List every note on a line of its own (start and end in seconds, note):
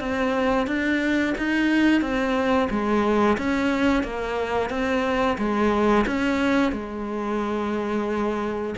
0.00 0.67 C4
0.67 1.35 D4
1.38 2.02 D#4
2.02 2.69 C4
2.71 3.38 G#3
3.38 4.04 C#4
4.04 4.70 A#3
4.70 5.38 C4
5.39 6.06 G#3
6.07 6.73 C#4
6.73 8.75 G#3